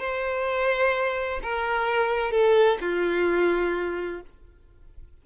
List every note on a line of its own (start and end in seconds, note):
0.00 1.41 C5
1.43 2.32 A#4
2.32 2.79 A4
2.81 4.22 F4